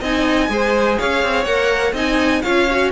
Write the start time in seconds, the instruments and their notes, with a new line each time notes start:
0.00 cello C4, viola D#4, violin D#5 G#5
0.48 cello G#3, viola G#4, violin C5
0.98 cello C#4, violin C#5 F5
1.22 cello C4
1.44 cello A#3, viola A#4, violin F#5
1.92 cello C4, viola D#4, violin D#5 G#5
2.42 cello C#4, viola F4, violin C#5 F5
2.70 viola F#4